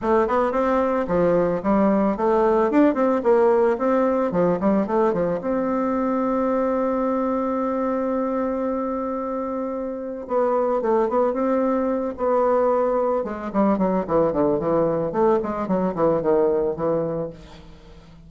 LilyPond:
\new Staff \with { instrumentName = "bassoon" } { \time 4/4 \tempo 4 = 111 a8 b8 c'4 f4 g4 | a4 d'8 c'8 ais4 c'4 | f8 g8 a8 f8 c'2~ | c'1~ |
c'2. b4 | a8 b8 c'4. b4.~ | b8 gis8 g8 fis8 e8 d8 e4 | a8 gis8 fis8 e8 dis4 e4 | }